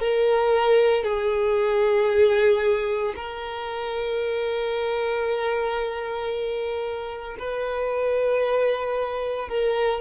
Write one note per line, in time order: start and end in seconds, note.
0.00 1.04 A#4
1.04 3.14 G#4
3.16 7.37 A#4
7.40 9.49 B4
9.49 10.01 A#4